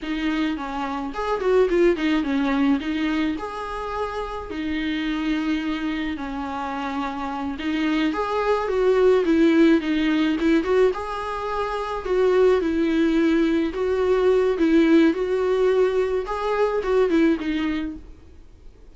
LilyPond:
\new Staff \with { instrumentName = "viola" } { \time 4/4 \tempo 4 = 107 dis'4 cis'4 gis'8 fis'8 f'8 dis'8 | cis'4 dis'4 gis'2 | dis'2. cis'4~ | cis'4. dis'4 gis'4 fis'8~ |
fis'8 e'4 dis'4 e'8 fis'8 gis'8~ | gis'4. fis'4 e'4.~ | e'8 fis'4. e'4 fis'4~ | fis'4 gis'4 fis'8 e'8 dis'4 | }